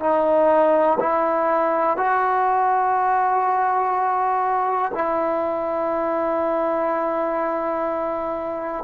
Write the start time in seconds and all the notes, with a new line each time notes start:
0.00 D#4
1.00 E4
1.97 F#4
4.94 E4